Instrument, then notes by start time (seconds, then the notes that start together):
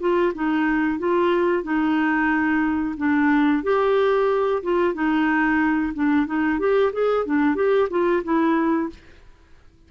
clarinet
0.00 F4
0.34 D#4
0.99 F4
1.63 D#4
2.97 D4
3.64 G4
4.63 F4
4.94 D#4
5.94 D4
6.26 D#4
6.60 G4
6.93 G#4
7.26 D4
7.55 G4
7.90 F4
8.24 E4